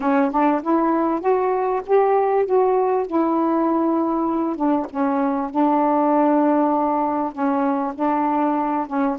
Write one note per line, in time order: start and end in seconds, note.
0.00 0.31 C#4
0.31 0.61 D4
0.62 1.20 E4
1.20 1.81 F#4
1.86 2.45 G4
2.45 3.06 F#4
3.06 4.56 E4
4.56 4.86 D4
4.90 5.50 C#4
5.50 7.32 D4
7.32 7.93 C#4
7.95 8.86 D4
8.86 9.17 C#4